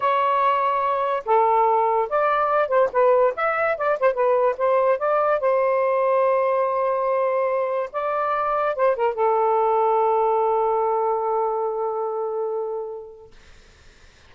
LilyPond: \new Staff \with { instrumentName = "saxophone" } { \time 4/4 \tempo 4 = 144 cis''2. a'4~ | a'4 d''4. c''8 b'4 | e''4 d''8 c''8 b'4 c''4 | d''4 c''2.~ |
c''2. d''4~ | d''4 c''8 ais'8 a'2~ | a'1~ | a'1 | }